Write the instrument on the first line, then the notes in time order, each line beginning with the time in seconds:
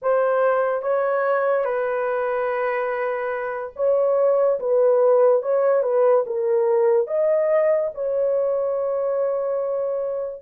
horn
0.02 C5
0.81 C#5
1.64 B4
3.75 C#5
4.59 B4
5.42 C#5
5.83 B4
6.26 A#4
7.07 D#5
7.94 C#5